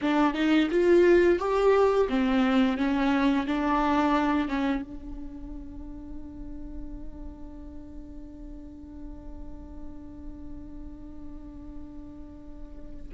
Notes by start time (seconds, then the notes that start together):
0.01 D4
0.34 D#4
0.70 F4
1.38 G4
2.09 C4
2.77 C#4
3.47 D4
4.48 C#4
4.82 D4